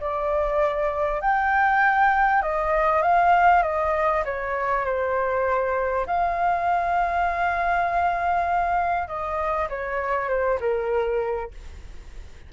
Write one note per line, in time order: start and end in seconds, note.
0.00 1.21 D5
1.21 2.42 G5
2.42 3.02 D#5
3.02 3.63 F5
3.63 4.23 D#5
4.25 4.85 C#5
4.85 6.06 C5
6.07 9.07 F5
9.07 9.68 D#5
9.69 10.29 C#5
10.29 10.59 C5
10.60 11.51 A#4